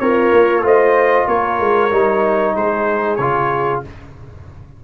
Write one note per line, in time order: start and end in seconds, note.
0.00 0.32 C4
0.00 0.64 F4
0.00 0.63 A#4
0.00 0.64 C#5
0.33 0.63 A#3
0.63 1.27 A3
0.63 1.90 F4
0.63 1.28 C5
0.63 1.28 D#5
1.28 1.60 A#3
1.28 2.56 A#4
1.28 2.56 C#5
1.60 1.92 G#3
1.91 2.55 G3
1.91 3.19 D#4
2.56 3.19 G#3
2.56 3.84 G#4
2.56 3.16 C5
3.16 3.83 C#3
3.16 3.84 F4
3.16 3.80 C#5